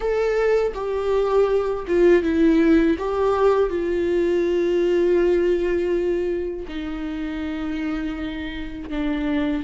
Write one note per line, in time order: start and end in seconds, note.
0.00 0.72 A4
0.74 1.85 G4
1.87 2.22 F4
2.22 2.96 E4
2.98 3.69 G4
3.69 6.66 F4
6.68 8.89 D#4
8.89 9.63 D4